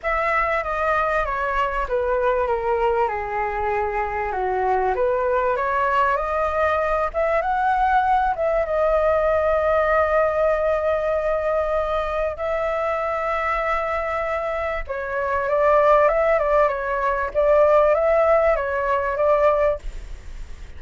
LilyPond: \new Staff \with { instrumentName = "flute" } { \time 4/4 \tempo 4 = 97 e''4 dis''4 cis''4 b'4 | ais'4 gis'2 fis'4 | b'4 cis''4 dis''4. e''8 | fis''4. e''8 dis''2~ |
dis''1 | e''1 | cis''4 d''4 e''8 d''8 cis''4 | d''4 e''4 cis''4 d''4 | }